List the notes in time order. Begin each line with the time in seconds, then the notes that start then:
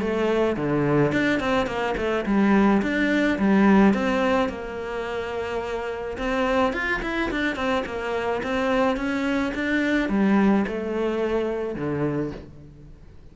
0.00 A3
0.57 D3
1.12 D4
1.39 C4
1.66 A#3
1.97 A3
2.26 G3
2.82 D4
3.38 G3
3.94 C4
4.49 A#3
6.18 C4
6.73 F4
7.02 E4
7.31 D4
7.56 C4
7.86 A#3
8.43 C4
8.96 C#4
9.55 D4
10.09 G3
10.67 A3
11.75 D3